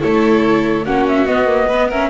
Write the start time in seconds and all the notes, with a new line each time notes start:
0.00 A3 E4 A4 C#5
0.86 A#3 C#4 F#4 F#5
1.09 E5
1.26 B3 D#5
1.46 A#3
1.67 B3 B4
1.89 C#4 A#4 E5